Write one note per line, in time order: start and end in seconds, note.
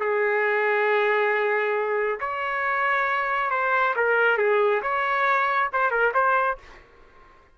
0.00 2.19 G#4
2.20 3.50 C#5
3.50 3.94 C5
3.96 4.38 A#4
4.38 4.81 G#4
4.82 5.70 C#5
5.73 5.91 C5
5.91 6.13 A#4
6.14 6.58 C5